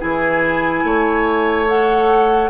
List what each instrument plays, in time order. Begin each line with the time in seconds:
0.00 bassoon E3, clarinet E4, oboe G#4, flute G#5
0.84 bassoon A3, oboe C#5
1.69 clarinet A4, flute F#5